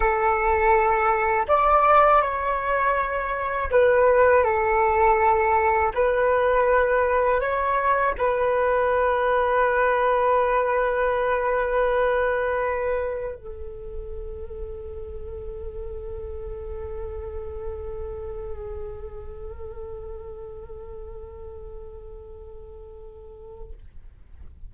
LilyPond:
\new Staff \with { instrumentName = "flute" } { \time 4/4 \tempo 4 = 81 a'2 d''4 cis''4~ | cis''4 b'4 a'2 | b'2 cis''4 b'4~ | b'1~ |
b'2 a'2~ | a'1~ | a'1~ | a'1 | }